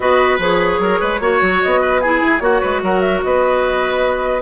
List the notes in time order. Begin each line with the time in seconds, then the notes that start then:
0.00 B3 F#4 B4 D#5
0.38 F3 G#4 C#5
0.79 F#3 A#4
1.00 G#3 B4
1.20 A#3 F#4 C#5
1.41 F#3
1.62 B3 D#5
1.80 B4
2.01 E4 G#4 G#5
2.21 E4
2.39 A#3 F#4 C#5
2.60 G#3 B4
2.82 F#3 A#4 F#5
3.00 E5
3.23 B3 B4 D#5